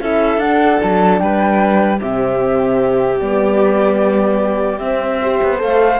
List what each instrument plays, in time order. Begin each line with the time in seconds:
0.00 cello C#4, horn E4, violin A4, flute E5
0.38 cello D4, horn D4, flute F#5
0.82 cello F#3, flute A5
1.20 cello G3, violin B4, flute G5
2.00 cello C3, horn C4, violin G4, flute E5
3.20 cello G3, horn B3, flute D5
4.79 horn C4, cello C4, flute E5
5.23 horn G4, violin C5
5.43 cello B3
5.58 cello A3, horn A4, flute F5